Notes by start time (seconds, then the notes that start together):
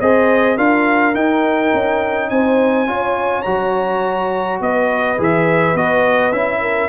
0.00 C4 G#4 C5 D#5
0.56 D4 F4 A#4 F5
1.14 D#4 G5
1.73 C#4
2.29 C4 C5 G#5
2.87 C#4 F4 C#5
3.42 F#3 F#4 A#5
4.60 B3 B4 D#5
5.18 E3 G#4 E5
5.74 B3 F#4 D#5
6.32 C#4 E4 E5
6.61 A#4